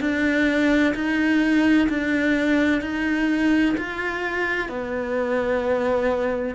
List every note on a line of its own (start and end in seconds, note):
0.00 0.94 D4
0.94 1.88 D#4
1.89 2.81 D4
2.81 3.75 D#4
3.77 4.68 F4
4.68 6.55 B3